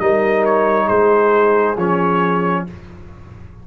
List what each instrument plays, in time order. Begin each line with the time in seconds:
0.00 tuba G3, trombone D#4, horn A#4, trumpet D#5
0.45 trumpet C#5
0.86 tuba G#3, horn G#4, trumpet C5
1.77 tuba F3, trombone C#4, trumpet C#5